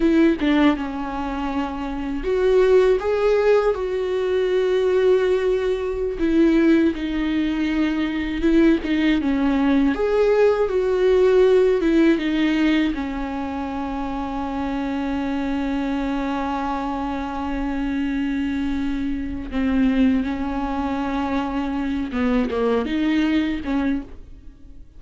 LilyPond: \new Staff \with { instrumentName = "viola" } { \time 4/4 \tempo 4 = 80 e'8 d'8 cis'2 fis'4 | gis'4 fis'2.~ | fis'16 e'4 dis'2 e'8 dis'16~ | dis'16 cis'4 gis'4 fis'4. e'16~ |
e'16 dis'4 cis'2~ cis'8.~ | cis'1~ | cis'2 c'4 cis'4~ | cis'4. b8 ais8 dis'4 cis'8 | }